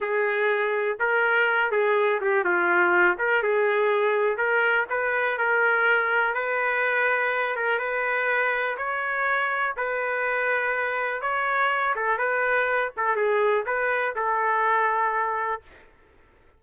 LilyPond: \new Staff \with { instrumentName = "trumpet" } { \time 4/4 \tempo 4 = 123 gis'2 ais'4. gis'8~ | gis'8 g'8 f'4. ais'8 gis'4~ | gis'4 ais'4 b'4 ais'4~ | ais'4 b'2~ b'8 ais'8 |
b'2 cis''2 | b'2. cis''4~ | cis''8 a'8 b'4. a'8 gis'4 | b'4 a'2. | }